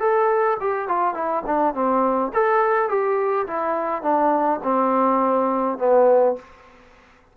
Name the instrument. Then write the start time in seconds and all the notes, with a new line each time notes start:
trombone
0.00 A4
0.61 G4
0.89 F4
1.15 E4
1.47 D4
1.75 C4
2.34 A4
2.89 G4
3.47 E4
4.03 D4
4.64 C4
5.78 B3